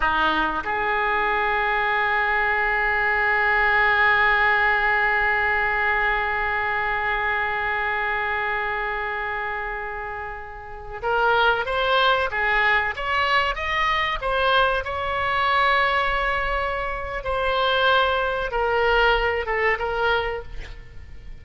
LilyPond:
\new Staff \with { instrumentName = "oboe" } { \time 4/4 \tempo 4 = 94 dis'4 gis'2.~ | gis'1~ | gis'1~ | gis'1~ |
gis'4~ gis'16 ais'4 c''4 gis'8.~ | gis'16 cis''4 dis''4 c''4 cis''8.~ | cis''2. c''4~ | c''4 ais'4. a'8 ais'4 | }